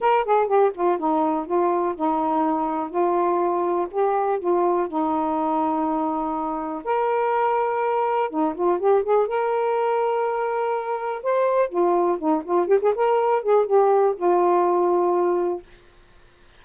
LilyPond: \new Staff \with { instrumentName = "saxophone" } { \time 4/4 \tempo 4 = 123 ais'8 gis'8 g'8 f'8 dis'4 f'4 | dis'2 f'2 | g'4 f'4 dis'2~ | dis'2 ais'2~ |
ais'4 dis'8 f'8 g'8 gis'8 ais'4~ | ais'2. c''4 | f'4 dis'8 f'8 g'16 gis'16 ais'4 gis'8 | g'4 f'2. | }